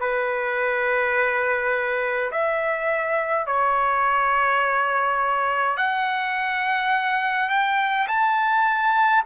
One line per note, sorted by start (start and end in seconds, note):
0.00 2.31 B4
2.31 3.47 E5
3.47 5.77 C#5
5.77 7.49 F#5
7.49 8.07 G5
8.08 9.23 A5